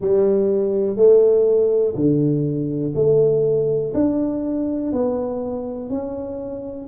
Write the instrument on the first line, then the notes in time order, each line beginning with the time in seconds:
tuba
0.00 G3
0.96 A3
1.95 D3
2.95 A3
3.93 D4
4.92 B3
5.89 C#4